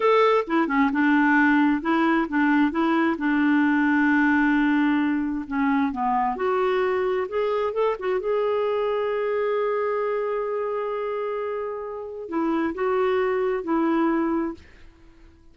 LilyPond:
\new Staff \with { instrumentName = "clarinet" } { \time 4/4 \tempo 4 = 132 a'4 e'8 cis'8 d'2 | e'4 d'4 e'4 d'4~ | d'1 | cis'4 b4 fis'2 |
gis'4 a'8 fis'8 gis'2~ | gis'1~ | gis'2. e'4 | fis'2 e'2 | }